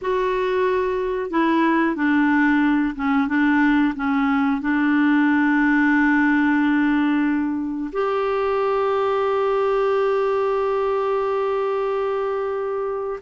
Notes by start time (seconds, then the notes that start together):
0.01 F#4
1.30 E4
1.95 D4
2.95 C#4
3.28 D4
3.95 C#4
4.61 D4
7.92 G4